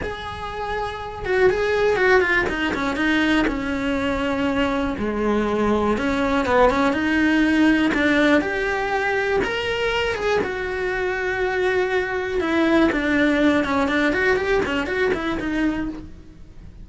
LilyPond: \new Staff \with { instrumentName = "cello" } { \time 4/4 \tempo 4 = 121 gis'2~ gis'8 fis'8 gis'4 | fis'8 f'8 dis'8 cis'8 dis'4 cis'4~ | cis'2 gis2 | cis'4 b8 cis'8 dis'2 |
d'4 g'2 ais'4~ | ais'8 gis'8 fis'2.~ | fis'4 e'4 d'4. cis'8 | d'8 fis'8 g'8 cis'8 fis'8 e'8 dis'4 | }